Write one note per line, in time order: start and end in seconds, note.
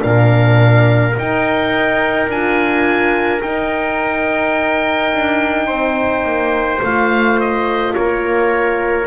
0.00 1.17 A#2
0.00 1.13 D4
0.00 5.67 A#4
0.00 1.15 F5
1.17 2.30 D#4
1.17 2.27 D#4
1.17 2.31 G5
2.27 3.40 D4
2.27 3.41 F4
2.27 3.42 G#5
3.41 6.80 D#4
3.41 5.13 D#4
3.41 6.82 G5
5.13 5.69 D4
5.67 6.24 C4
5.67 7.93 C5
6.24 6.80 A#3
6.82 7.95 A3
6.82 9.07 F4
6.82 7.40 F5
7.40 7.94 D#5
7.94 9.07 A#3
7.94 9.07 A#4
7.94 9.07 C#5